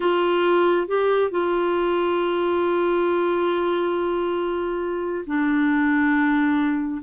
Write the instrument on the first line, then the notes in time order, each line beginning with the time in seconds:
clarinet
0.00 F4
0.87 G4
1.30 F4
5.26 D4